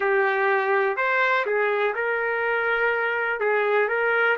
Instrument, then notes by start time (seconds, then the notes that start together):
trumpet
0.00 G4
0.97 C5
1.46 G#4
1.94 A#4
3.40 G#4
3.88 A#4